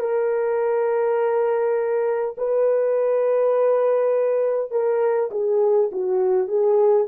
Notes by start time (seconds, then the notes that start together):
0.00 A#4
2.37 B4
4.71 A#4
5.31 G#4
5.92 F#4
6.48 G#4